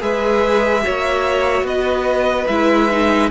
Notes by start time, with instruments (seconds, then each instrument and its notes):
0.00 cello G#3, viola G#4, violin B4 E5
0.82 cello A#3, viola F#4, violin C#5
1.63 cello B3, violin B4 D#5
2.47 cello G#3, viola E4, violin E5
2.91 viola D#4